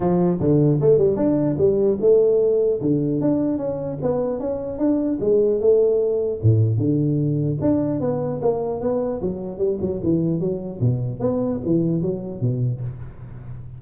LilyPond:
\new Staff \with { instrumentName = "tuba" } { \time 4/4 \tempo 4 = 150 f4 d4 a8 g8 d'4 | g4 a2 d4 | d'4 cis'4 b4 cis'4 | d'4 gis4 a2 |
a,4 d2 d'4 | b4 ais4 b4 fis4 | g8 fis8 e4 fis4 b,4 | b4 e4 fis4 b,4 | }